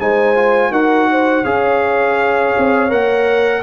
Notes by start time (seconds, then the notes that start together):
0.00 G#3 D#4 C5 G#5
0.36 F4
0.71 D#4 F#4 A#4 F#5
1.12 C5
1.44 C#4 G#4 C#5 F5
2.58 C4
2.90 A#3 A#4 F#5